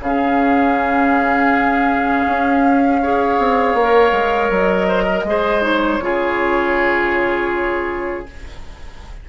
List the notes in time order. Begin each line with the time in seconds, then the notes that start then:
0.00 C#3 C#4 G#4 F5
2.27 C#4
3.02 G#4 C#5
3.39 C4
3.74 A#3
3.81 A#4
4.12 G#3
4.50 F#3 D#5
4.88 C5
5.03 A#4
5.24 G#3 G#4 C5
5.62 D#4 C#5
6.01 C#3 F4 G#4